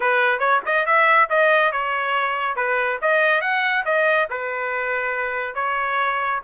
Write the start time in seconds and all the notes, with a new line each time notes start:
0.00 B4
0.39 C#5
0.65 D#5
0.86 E5
1.29 D#5
1.71 C#5
2.56 B4
3.01 D#5
3.41 F#5
3.85 D#5
4.30 B4
5.54 C#5